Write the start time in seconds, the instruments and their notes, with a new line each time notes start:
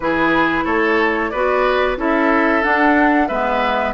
0.00 bassoon E3, clarinet E4, oboe G#4, flute B4
0.64 bassoon A3, oboe A4, flute C#5
1.30 bassoon B3, clarinet F#4, oboe B4, flute D5
1.96 bassoon C#4, clarinet E4, oboe A4, flute E5
2.62 clarinet D4, bassoon D4, flute F#5
3.27 bassoon G#3, clarinet B3, oboe B4, flute E5